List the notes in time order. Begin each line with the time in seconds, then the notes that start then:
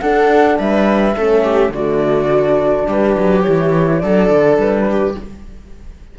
0.00 D4 A4 F#5
0.58 G3 B4 E5
1.15 A3 C#4 A4
1.43 G4
1.69 D3 A3 F#4 D5
2.30 D4
2.87 G3 G4 B4
3.18 F#3
3.42 E3 E4 C#5
3.99 F#3 D4 A4 D5
4.30 D3
4.57 G3 B4
4.90 G4